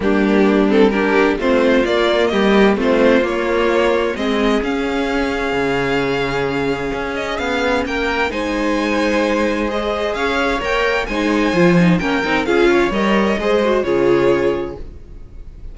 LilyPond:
<<
  \new Staff \with { instrumentName = "violin" } { \time 4/4 \tempo 4 = 130 g'4. a'8 ais'4 c''4 | d''4 dis''4 c''4 cis''4~ | cis''4 dis''4 f''2~ | f''2.~ f''8 dis''8 |
f''4 g''4 gis''2~ | gis''4 dis''4 f''4 g''4 | gis''2 g''4 f''4 | dis''2 cis''2 | }
  \new Staff \with { instrumentName = "violin" } { \time 4/4 d'2 g'4 f'4~ | f'4 g'4 f'2~ | f'4 gis'2.~ | gis'1~ |
gis'4 ais'4 c''2~ | c''2 cis''2 | c''2 ais'4 gis'8 cis''8~ | cis''4 c''4 gis'2 | }
  \new Staff \with { instrumentName = "viola" } { \time 4/4 ais4. c'8 d'4 c'4 | ais2 c'4 ais4~ | ais4 c'4 cis'2~ | cis'1~ |
cis'2 dis'2~ | dis'4 gis'2 ais'4 | dis'4 f'8 dis'8 cis'8 dis'8 f'4 | ais'4 gis'8 fis'8 f'2 | }
  \new Staff \with { instrumentName = "cello" } { \time 4/4 g2. a4 | ais4 g4 a4 ais4~ | ais4 gis4 cis'2 | cis2. cis'4 |
b4 ais4 gis2~ | gis2 cis'4 ais4 | gis4 f4 ais8 c'8 cis'4 | g4 gis4 cis2 | }
>>